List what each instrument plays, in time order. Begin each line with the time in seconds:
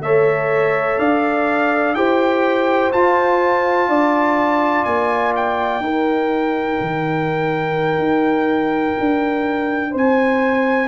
0.00 tuba A3, trombone A4, horn C#5, trumpet E5
0.98 tuba D4, horn D5, trumpet F5
1.94 tuba E4, trombone G4, horn C5, trumpet G5
2.92 tuba F4, trombone F4, trumpet A5
3.88 tuba D4, horn D5
4.84 tuba A#3, trumpet G#5
5.35 trumpet G5
5.79 tuba D#4, trombone D#4, horn A#4
6.81 tuba D#3
7.98 tuba D#4
8.99 tuba D4
9.91 tuba C4, horn C5
9.97 trumpet G#5